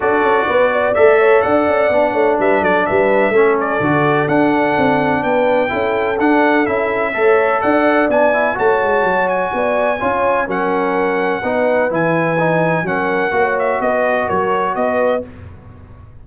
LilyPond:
<<
  \new Staff \with { instrumentName = "trumpet" } { \time 4/4 \tempo 4 = 126 d''2 e''4 fis''4~ | fis''4 e''8 d''8 e''4. d''8~ | d''4 fis''2 g''4~ | g''4 fis''4 e''2 |
fis''4 gis''4 a''4. gis''8~ | gis''2 fis''2~ | fis''4 gis''2 fis''4~ | fis''8 e''8 dis''4 cis''4 dis''4 | }
  \new Staff \with { instrumentName = "horn" } { \time 4/4 a'4 b'8 d''4 cis''8 d''4~ | d''8 cis''8 b'8 a'8 b'4 a'4~ | a'2. b'4 | a'2. cis''4 |
d''2 cis''2 | d''4 cis''4 ais'2 | b'2. ais'4 | cis''4 b'4 ais'4 b'4 | }
  \new Staff \with { instrumentName = "trombone" } { \time 4/4 fis'2 a'2 | d'2. cis'4 | fis'4 d'2. | e'4 d'4 e'4 a'4~ |
a'4 d'8 e'8 fis'2~ | fis'4 f'4 cis'2 | dis'4 e'4 dis'4 cis'4 | fis'1 | }
  \new Staff \with { instrumentName = "tuba" } { \time 4/4 d'8 cis'8 b4 a4 d'8 cis'8 | b8 a8 g8 fis8 g4 a4 | d4 d'4 c'4 b4 | cis'4 d'4 cis'4 a4 |
d'4 b4 a8 gis8 fis4 | b4 cis'4 fis2 | b4 e2 fis4 | ais4 b4 fis4 b4 | }
>>